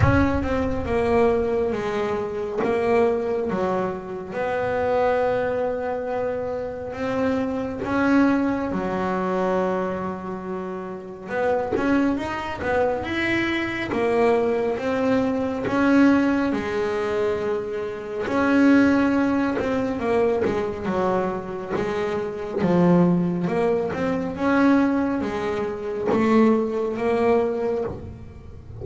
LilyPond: \new Staff \with { instrumentName = "double bass" } { \time 4/4 \tempo 4 = 69 cis'8 c'8 ais4 gis4 ais4 | fis4 b2. | c'4 cis'4 fis2~ | fis4 b8 cis'8 dis'8 b8 e'4 |
ais4 c'4 cis'4 gis4~ | gis4 cis'4. c'8 ais8 gis8 | fis4 gis4 f4 ais8 c'8 | cis'4 gis4 a4 ais4 | }